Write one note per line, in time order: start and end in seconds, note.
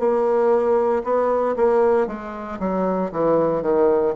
0.00 1.03 A#3
1.04 1.56 B3
1.56 2.07 A#3
2.07 2.59 G#3
2.60 3.11 F#3
3.12 3.63 E3
3.63 4.14 D#3